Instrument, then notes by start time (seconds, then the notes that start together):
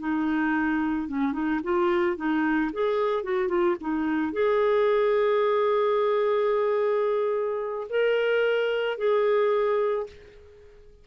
clarinet
0.00 D#4
1.09 C#4
1.33 D#4
1.64 F4
2.17 D#4
2.73 G#4
3.24 F#4
3.49 F4
3.81 D#4
4.33 G#4
7.90 A#4
8.98 G#4